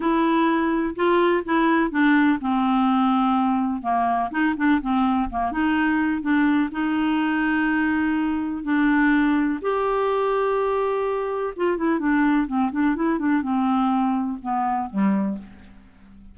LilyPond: \new Staff \with { instrumentName = "clarinet" } { \time 4/4 \tempo 4 = 125 e'2 f'4 e'4 | d'4 c'2. | ais4 dis'8 d'8 c'4 ais8 dis'8~ | dis'4 d'4 dis'2~ |
dis'2 d'2 | g'1 | f'8 e'8 d'4 c'8 d'8 e'8 d'8 | c'2 b4 g4 | }